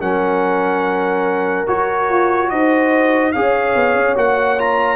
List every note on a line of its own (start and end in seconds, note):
0.00 1.68 F#3
0.00 1.67 C#4
0.00 2.50 A#4
0.00 1.68 F#5
1.67 3.34 F#4
1.67 2.10 F#4
1.67 2.50 C#5
2.10 2.51 F4
2.50 3.35 D#4
2.50 3.35 C5
2.50 3.32 D#5
3.32 3.76 C#4
3.32 4.16 G#4
3.32 4.96 C#5
3.32 4.15 F5
3.76 3.95 B3
3.95 4.16 C#4
4.16 4.96 A#3
4.16 4.57 F#4
4.16 4.60 F#5
4.58 4.96 F4
4.58 4.96 A#5